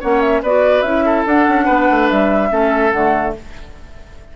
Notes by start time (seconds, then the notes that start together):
0.00 A#3 C#4 C#5 F#5
0.20 E5
0.42 B3 F#4 B4 D5
0.82 C#4 E4 E5
1.05 A4
1.26 D4 F#5
1.48 C#4
1.65 B3 B4
1.90 A3
2.09 G3 E5
2.50 A3 C#4 A4
2.91 D3 A3 F#5